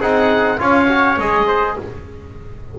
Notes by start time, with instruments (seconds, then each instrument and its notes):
0.00 double bass C4, trombone D#4, trumpet G#4, oboe F#5
0.58 double bass C#4, trombone F4, trumpet C#5, oboe F5
0.88 trombone F#4
1.18 double bass G#3, trombone G#4, oboe D#5
1.47 trumpet C5